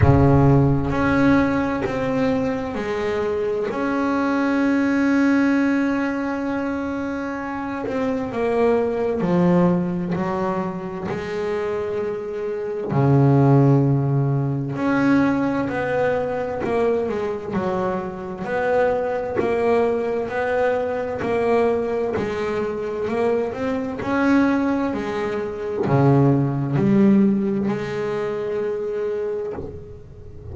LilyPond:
\new Staff \with { instrumentName = "double bass" } { \time 4/4 \tempo 4 = 65 cis4 cis'4 c'4 gis4 | cis'1~ | cis'8 c'8 ais4 f4 fis4 | gis2 cis2 |
cis'4 b4 ais8 gis8 fis4 | b4 ais4 b4 ais4 | gis4 ais8 c'8 cis'4 gis4 | cis4 g4 gis2 | }